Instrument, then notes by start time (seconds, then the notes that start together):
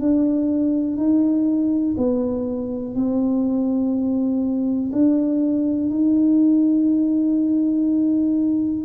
tuba
0.00 D4
0.97 D#4
1.98 B3
2.95 C4
4.93 D4
5.90 D#4